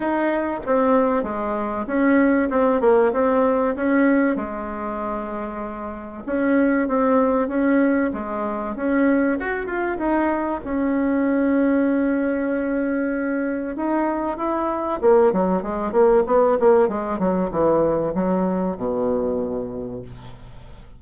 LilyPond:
\new Staff \with { instrumentName = "bassoon" } { \time 4/4 \tempo 4 = 96 dis'4 c'4 gis4 cis'4 | c'8 ais8 c'4 cis'4 gis4~ | gis2 cis'4 c'4 | cis'4 gis4 cis'4 fis'8 f'8 |
dis'4 cis'2.~ | cis'2 dis'4 e'4 | ais8 fis8 gis8 ais8 b8 ais8 gis8 fis8 | e4 fis4 b,2 | }